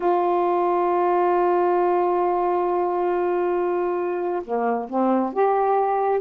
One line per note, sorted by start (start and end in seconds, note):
0.00 4.42 F4
4.44 4.88 A#3
4.89 5.33 C4
5.33 6.20 G4